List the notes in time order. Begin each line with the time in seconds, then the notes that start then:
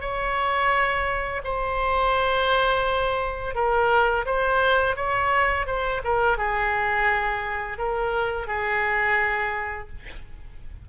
0.00 C#5
1.44 C5
3.54 A#4
4.25 C5
4.95 C#5
5.66 C5
6.04 A#4
6.37 G#4
7.78 A#4
8.47 G#4